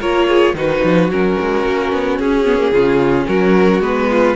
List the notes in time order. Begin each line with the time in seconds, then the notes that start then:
0.00 A#3 F4 A#4 C#5
0.28 G#4
0.54 D#3 D#4 F#4 B4
0.84 F3
1.09 F#3 C#4 A#4
1.40 G#3
1.66 A#3
1.93 B3
2.19 C#4 G#4
2.45 B3
2.59 A#3
2.72 C#3 C#4 F4
3.27 F#3 F#4 A#4
3.80 G#3 B3 B4
4.10 F4